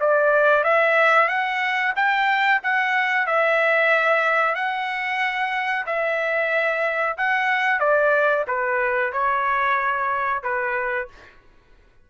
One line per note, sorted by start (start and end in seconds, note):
0.00 0.63 D5
0.63 1.28 E5
1.28 1.93 F#5
1.96 2.61 G5
2.63 3.26 F#5
3.26 4.55 E5
4.55 5.85 F#5
5.86 7.17 E5
7.17 7.80 F#5
7.80 8.45 D5
8.47 9.12 B4
9.12 10.43 C#5
10.43 11.08 B4